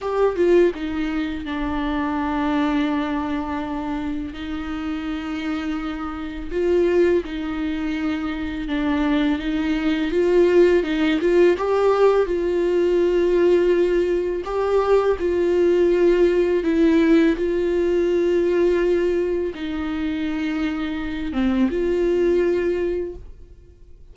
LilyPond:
\new Staff \with { instrumentName = "viola" } { \time 4/4 \tempo 4 = 83 g'8 f'8 dis'4 d'2~ | d'2 dis'2~ | dis'4 f'4 dis'2 | d'4 dis'4 f'4 dis'8 f'8 |
g'4 f'2. | g'4 f'2 e'4 | f'2. dis'4~ | dis'4. c'8 f'2 | }